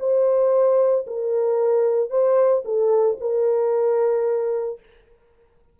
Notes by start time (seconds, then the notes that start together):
0.00 C5
1.07 A#4
2.10 C5
2.65 A4
3.21 A#4